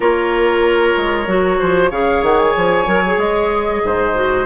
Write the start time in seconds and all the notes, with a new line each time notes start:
0.00 A#3 F4 A#4 C#5
0.97 G#3
1.27 F#3 F#4
1.58 F3 C5
1.90 C#3 G#4 C#5 F5
2.22 D#3 F#5
2.39 G#5
2.56 F3
2.86 F#3 A#4
3.06 G#4
3.17 G#3 D#5
3.84 G#2 C5
4.14 F#4